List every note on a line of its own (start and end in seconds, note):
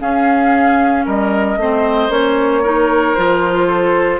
0.00 1.05 C#4
0.00 1.58 C#4
0.00 1.05 G#4
0.00 1.06 F5
1.05 1.57 G3
1.05 1.58 A#4
1.05 2.12 D#5
1.57 2.09 A3
1.57 2.09 C4
1.57 2.63 C5
2.09 3.14 A#3
2.09 2.62 C#4
2.09 3.15 C#5
2.63 3.17 D#4
2.63 3.67 A#4
3.15 4.20 F3
3.15 4.20 F4
3.15 4.20 C5
3.67 4.20 A4